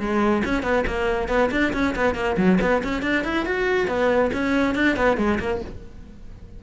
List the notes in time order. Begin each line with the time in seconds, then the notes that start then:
0.00 G#3
0.45 C#4
0.63 B3
0.87 A#3
1.29 B3
1.51 D4
1.74 C#4
1.96 B3
2.15 A#3
2.37 F#3
2.62 B3
2.84 C#4
3.03 D4
3.25 E4
3.46 F#4
3.88 B3
4.34 C#4
4.75 D4
4.97 B3
5.18 G#3
5.40 A#3